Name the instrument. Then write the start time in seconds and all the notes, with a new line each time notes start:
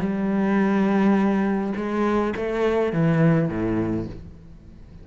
cello
0.00 G3
1.76 G#3
2.37 A3
2.93 E3
3.49 A2